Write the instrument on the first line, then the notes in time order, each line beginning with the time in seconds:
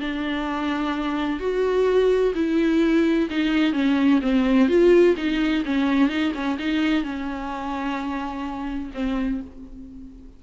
viola
0.00 D4
1.40 F#4
2.35 E4
3.30 D#4
3.73 C#4
4.22 C4
4.68 F4
5.17 D#4
5.65 C#4
6.09 D#4
6.34 C#4
6.59 D#4
7.04 C#4
8.94 C4